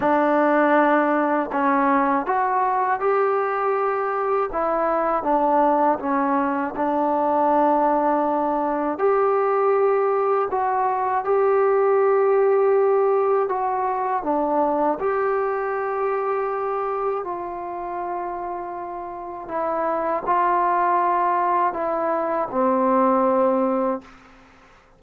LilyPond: \new Staff \with { instrumentName = "trombone" } { \time 4/4 \tempo 4 = 80 d'2 cis'4 fis'4 | g'2 e'4 d'4 | cis'4 d'2. | g'2 fis'4 g'4~ |
g'2 fis'4 d'4 | g'2. f'4~ | f'2 e'4 f'4~ | f'4 e'4 c'2 | }